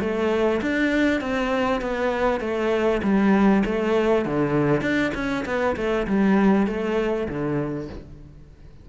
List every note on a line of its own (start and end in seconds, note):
0.00 0.61 A3
0.62 1.21 D4
1.21 1.81 C4
1.81 2.40 B3
2.40 3.01 A3
3.02 3.63 G3
3.65 4.25 A3
4.25 4.81 D3
4.81 5.11 D4
5.14 5.44 C#4
5.45 5.76 B3
5.76 6.06 A3
6.07 6.67 G3
6.67 7.27 A3
7.28 7.89 D3